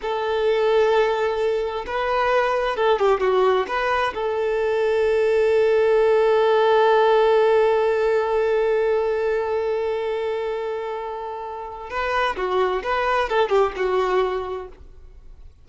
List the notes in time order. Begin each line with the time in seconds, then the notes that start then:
0.01 A4
1.86 B4
2.76 A4
2.99 G4
3.20 F#4
3.67 B4
4.14 A4
11.90 B4
12.36 F#4
12.83 B4
13.29 A4
13.49 G4
13.76 F#4